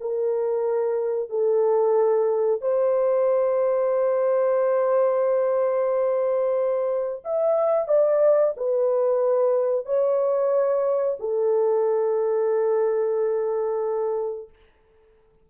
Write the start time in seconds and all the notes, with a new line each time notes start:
0.00 A#4
1.29 A4
2.61 C5
7.24 E5
7.88 D5
8.57 B4
9.85 C#5
11.19 A4